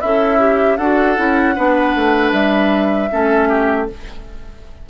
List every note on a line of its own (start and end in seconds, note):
0.00 0.79 C#4
0.00 0.77 E4
0.00 0.39 A4
0.00 0.77 E5
0.39 0.78 G4
0.77 1.17 D4
0.77 1.16 F#4
0.77 1.54 A4
0.77 2.31 F#5
1.16 1.57 C#4
1.16 1.55 E4
1.55 1.95 B3
1.55 3.09 D4
1.55 3.09 B4
1.95 2.32 A3
2.32 3.09 G3
2.32 3.87 E5
3.10 3.89 A3
3.10 3.87 C#4
3.10 3.49 A4
3.49 3.87 G4